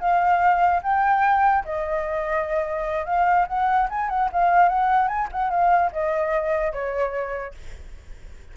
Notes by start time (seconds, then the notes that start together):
0.00 F5
0.83 G5
1.65 D#5
3.06 F5
3.48 F#5
3.90 G#5
4.09 F#5
4.33 F5
4.69 F#5
5.08 G#5
5.32 F#5
5.51 F5
5.93 D#5
6.73 C#5